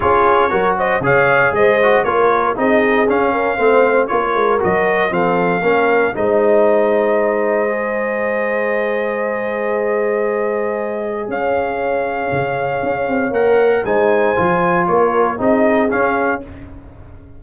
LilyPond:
<<
  \new Staff \with { instrumentName = "trumpet" } { \time 4/4 \tempo 4 = 117 cis''4. dis''8 f''4 dis''4 | cis''4 dis''4 f''2 | cis''4 dis''4 f''2 | dis''1~ |
dis''1~ | dis''2 f''2~ | f''2 fis''4 gis''4~ | gis''4 cis''4 dis''4 f''4 | }
  \new Staff \with { instrumentName = "horn" } { \time 4/4 gis'4 ais'8 c''8 cis''4 c''4 | ais'4 gis'4. ais'8 c''4 | ais'2 a'4 ais'4 | c''1~ |
c''1~ | c''2 cis''2~ | cis''2. c''4~ | c''4 ais'4 gis'2 | }
  \new Staff \with { instrumentName = "trombone" } { \time 4/4 f'4 fis'4 gis'4. fis'8 | f'4 dis'4 cis'4 c'4 | f'4 fis'4 c'4 cis'4 | dis'2. gis'4~ |
gis'1~ | gis'1~ | gis'2 ais'4 dis'4 | f'2 dis'4 cis'4 | }
  \new Staff \with { instrumentName = "tuba" } { \time 4/4 cis'4 fis4 cis4 gis4 | ais4 c'4 cis'4 a4 | ais8 gis8 fis4 f4 ais4 | gis1~ |
gis1~ | gis2 cis'2 | cis4 cis'8 c'8 ais4 gis4 | f4 ais4 c'4 cis'4 | }
>>